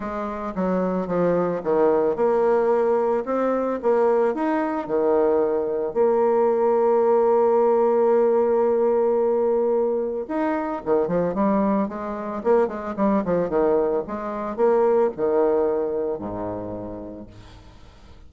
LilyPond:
\new Staff \with { instrumentName = "bassoon" } { \time 4/4 \tempo 4 = 111 gis4 fis4 f4 dis4 | ais2 c'4 ais4 | dis'4 dis2 ais4~ | ais1~ |
ais2. dis'4 | dis8 f8 g4 gis4 ais8 gis8 | g8 f8 dis4 gis4 ais4 | dis2 gis,2 | }